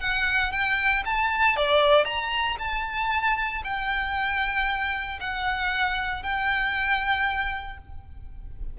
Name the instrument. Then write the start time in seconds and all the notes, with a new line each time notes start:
violin
0.00 F#5
0.51 G5
1.05 A5
1.56 D5
2.04 A#5
2.59 A5
3.64 G5
5.20 F#5
6.23 G5